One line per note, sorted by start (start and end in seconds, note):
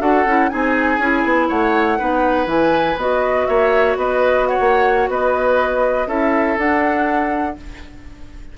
0.00 0.25 D4
0.00 0.25 F#4
0.00 0.50 A4
0.00 0.49 F#5
0.25 0.50 C#4
0.25 0.49 E4
0.49 0.98 C4
0.49 0.99 D#4
0.49 1.48 G#4
0.49 1.48 G#5
0.98 1.23 C#4
0.98 1.98 E4
1.24 1.49 B3
1.48 1.99 A3
1.48 1.98 C#5
1.48 2.48 F#5
1.98 2.46 B3
1.98 2.46 D#4
1.98 3.47 B4
2.46 2.95 E3
2.46 2.96 E4
2.46 2.98 G#5
2.96 3.46 B3
2.96 6.08 F#4
2.96 3.46 D#5
3.46 3.96 A#3
3.46 3.98 C#5
3.46 3.96 E5
3.96 4.58 B3
3.96 4.48 B4
3.96 4.47 D#5
4.47 5.10 C#5
4.47 5.09 F#5
4.60 5.08 A#3
5.08 6.07 B3
5.08 6.08 B4
5.08 6.08 D#5
6.07 6.56 C#4
6.07 6.57 E4
6.07 7.57 A4
6.07 6.58 E5
6.57 7.56 D4
6.57 7.57 D4
6.57 7.57 F#5